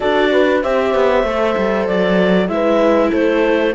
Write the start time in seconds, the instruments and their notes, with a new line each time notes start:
0.00 cello D4, viola F#4, horn A4, clarinet D5
0.31 horn B4
0.62 cello C4, viola G4, horn C5, clarinet E5
0.94 cello B3
1.23 cello A3, viola A4
1.57 cello G3
1.87 cello F#3, clarinet D5
2.48 cello G#3, viola E4, horn B4, clarinet E5
3.10 cello A3, horn A4, clarinet C5